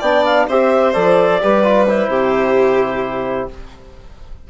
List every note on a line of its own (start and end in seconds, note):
0.00 0.48 B3
0.00 0.50 D4
0.00 0.46 D5
0.00 0.24 G5
0.25 0.48 F5
0.48 0.95 C4
0.48 0.94 G4
0.48 1.41 C5
0.48 0.93 E5
0.93 1.42 F3
0.93 1.40 A4
0.93 1.86 D5
1.41 2.09 G3
1.41 1.64 G4
1.41 2.10 B4
1.64 1.87 F4
1.88 3.51 E4
1.88 3.49 C5
2.09 3.47 C3
2.09 3.48 G4